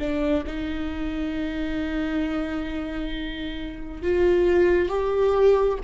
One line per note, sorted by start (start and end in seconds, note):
0.00 0.45 D4
0.47 4.03 D#4
4.03 4.89 F4
4.89 5.79 G4